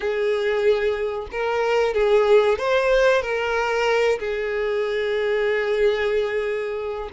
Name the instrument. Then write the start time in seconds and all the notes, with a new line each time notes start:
violin
0.00 G#4
1.31 A#4
1.94 G#4
2.58 C5
3.22 A#4
4.19 G#4